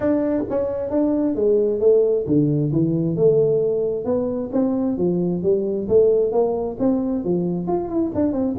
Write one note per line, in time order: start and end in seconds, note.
0.00 0.43 D4
0.49 0.90 C#4
0.90 1.35 D4
1.35 1.79 G#3
1.79 2.25 A3
2.26 2.71 D3
2.72 3.16 E3
3.16 4.04 A3
4.04 4.49 B3
4.52 4.97 C4
4.97 5.42 F3
5.43 5.88 G3
5.88 6.32 A3
6.32 6.77 A#3
6.79 7.24 C4
7.24 7.67 F3
7.67 7.88 F4
7.88 8.11 E4
8.14 8.32 D4
8.32 8.55 C4